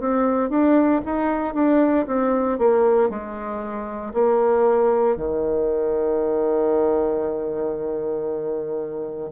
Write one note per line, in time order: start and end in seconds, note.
0.00 0.49 C4
0.49 1.01 D4
1.05 1.54 D#4
1.54 2.06 D4
2.06 2.58 C4
2.58 3.09 A#3
3.09 4.13 G#3
4.13 5.16 A#3
5.16 9.30 D#3